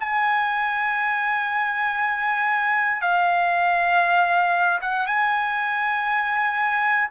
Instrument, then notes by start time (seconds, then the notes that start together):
trumpet
0.00 G#5
3.01 F5
4.82 F#5
5.07 G#5